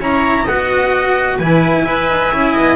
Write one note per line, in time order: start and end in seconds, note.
0.00 0.46 C#4
0.00 0.47 E4
0.00 0.44 C#5
0.00 0.48 A#5
0.44 1.39 B3
0.44 1.42 F#4
0.44 1.36 D#5
0.44 1.39 F#5
1.37 1.85 E3
1.37 1.87 E4
1.37 1.83 B4
1.37 2.76 G#5
1.85 2.10 E4
1.85 2.32 B4
1.85 2.54 E5
2.10 2.33 D#4
2.32 2.56 C#4
2.32 2.76 E4
2.54 2.76 B3
2.54 2.76 D#5